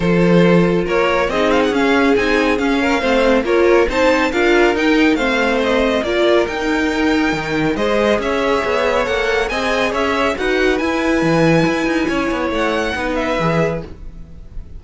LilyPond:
<<
  \new Staff \with { instrumentName = "violin" } { \time 4/4 \tempo 4 = 139 c''2 cis''4 dis''8 f''16 fis''16 | f''4 gis''4 f''2 | cis''4 a''4 f''4 g''4 | f''4 dis''4 d''4 g''4~ |
g''2 dis''4 e''4~ | e''4 fis''4 gis''4 e''4 | fis''4 gis''2.~ | gis''4 fis''4. e''4. | }
  \new Staff \with { instrumentName = "violin" } { \time 4/4 a'2 ais'4 gis'4~ | gis'2~ gis'8 ais'8 c''4 | ais'4 c''4 ais'2 | c''2 ais'2~ |
ais'2 c''4 cis''4~ | cis''2 dis''4 cis''4 | b'1 | cis''2 b'2 | }
  \new Staff \with { instrumentName = "viola" } { \time 4/4 f'2. dis'4 | cis'4 dis'4 cis'4 c'4 | f'4 dis'4 f'4 dis'4 | c'2 f'4 dis'4~ |
dis'2 gis'2~ | gis'4 a'4 gis'2 | fis'4 e'2.~ | e'2 dis'4 gis'4 | }
  \new Staff \with { instrumentName = "cello" } { \time 4/4 f2 ais4 c'4 | cis'4 c'4 cis'4 a4 | ais4 c'4 d'4 dis'4 | a2 ais4 dis'4~ |
dis'4 dis4 gis4 cis'4 | b4 ais4 c'4 cis'4 | dis'4 e'4 e4 e'8 dis'8 | cis'8 b8 a4 b4 e4 | }
>>